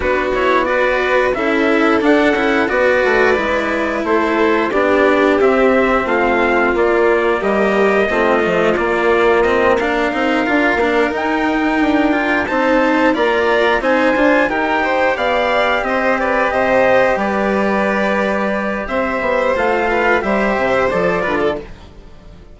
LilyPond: <<
  \new Staff \with { instrumentName = "trumpet" } { \time 4/4 \tempo 4 = 89 b'8 cis''8 d''4 e''4 fis''4 | d''2 c''4 d''4 | e''4 f''4 d''4 dis''4~ | dis''4 d''4 dis''8 f''4.~ |
f''8 g''2 a''4 ais''8~ | ais''8 gis''4 g''4 f''4 dis''8 | d''8 dis''4 d''2~ d''8 | e''4 f''4 e''4 d''4 | }
  \new Staff \with { instrumentName = "violin" } { \time 4/4 fis'4 b'4 a'2 | b'2 a'4 g'4~ | g'4 f'2 g'4 | f'2~ f'8 ais'4.~ |
ais'2~ ais'8 c''4 d''8~ | d''8 c''4 ais'8 c''8 d''4 c''8 | b'8 c''4 b'2~ b'8 | c''4. b'8 c''4. b'16 a'16 | }
  \new Staff \with { instrumentName = "cello" } { \time 4/4 d'8 e'8 fis'4 e'4 d'8 e'8 | fis'4 e'2 d'4 | c'2 ais2 | c'8 a8 ais4 c'8 d'8 dis'8 f'8 |
d'8 dis'4. f'8 dis'4 f'8~ | f'8 dis'8 f'8 g'2~ g'8~ | g'1~ | g'4 f'4 g'4 a'8 f'8 | }
  \new Staff \with { instrumentName = "bassoon" } { \time 4/4 b2 cis'4 d'8 cis'8 | b8 a8 gis4 a4 b4 | c'4 a4 ais4 g4 | a8 f8 ais2 c'8 d'8 |
ais8 dis'4 d'4 c'4 ais8~ | ais8 c'8 d'8 dis'4 b4 c'8~ | c'8 c4 g2~ g8 | c'8 b8 a4 g8 c8 f8 d8 | }
>>